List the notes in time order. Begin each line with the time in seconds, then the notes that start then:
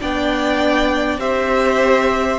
0.00 B3 D4 D5 G5
1.19 C4 G4 C5 E5